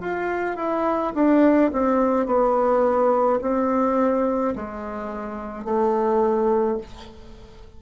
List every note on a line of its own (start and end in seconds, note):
0.00 0.56 F4
0.56 1.13 E4
1.14 1.71 D4
1.72 2.26 C4
2.26 3.39 B3
3.41 4.54 C4
4.55 5.64 G#3
5.64 6.77 A3